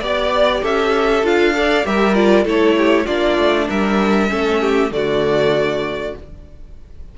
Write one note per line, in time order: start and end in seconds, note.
0.00 0.62 B3
0.00 1.24 G4
0.00 0.61 D5
0.00 0.65 D5
0.62 1.23 C#4
0.62 1.54 A4
0.62 1.26 E5
1.23 1.84 D4
1.23 1.54 F4
1.23 1.86 F5
1.54 1.84 A4
1.54 1.86 D5
1.84 2.45 G3
1.84 2.15 G4
1.84 2.45 A#4
1.84 2.15 E5
2.15 2.45 F4
2.15 2.45 D5
2.45 3.07 A3
2.45 3.06 E4
2.45 2.75 A4
2.45 3.07 C#5
2.78 3.05 G4
3.05 3.37 A#3
3.05 4.28 D4
3.05 3.67 F4
3.05 3.68 D5
3.37 3.68 A3
3.69 4.31 G3
3.69 4.30 A#4
3.69 4.92 E5
4.28 4.91 A3
4.28 4.90 C#4
4.28 4.61 A4
4.61 4.92 G4
4.90 6.13 D3
4.90 6.13 A3
4.90 6.18 F#4
4.90 6.15 D5